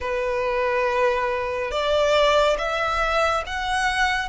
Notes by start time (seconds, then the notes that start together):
0.00 B4
1.71 D5
2.58 E5
3.46 F#5